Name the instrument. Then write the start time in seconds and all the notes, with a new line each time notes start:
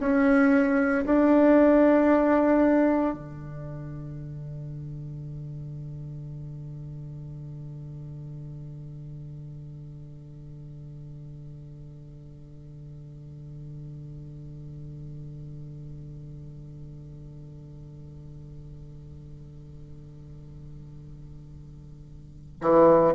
bassoon
0.00 C#4
1.06 D4
3.15 D3
22.61 E3